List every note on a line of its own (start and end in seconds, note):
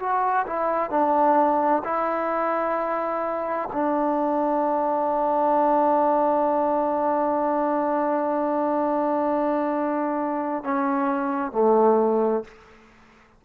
0.00 0.46 F#4
0.47 0.91 E4
0.91 1.83 D4
1.85 3.69 E4
3.73 10.64 D4
10.64 11.52 C#4
11.52 12.44 A3